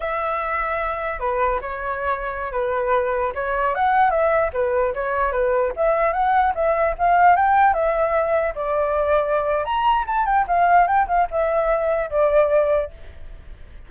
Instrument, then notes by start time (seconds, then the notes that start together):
flute
0.00 E5
1.19 B4
1.61 C#5
2.52 B4
3.34 C#5
3.74 F#5
4.10 E5
4.53 B4
4.94 C#5
5.32 B4
5.76 E5
6.12 F#5
6.54 E5
6.98 F5
7.36 G5
7.73 E5
8.55 D5
9.64 A#5
10.06 A5
10.25 G5
10.47 F5
10.87 G5
11.07 F5
11.30 E5
12.10 D5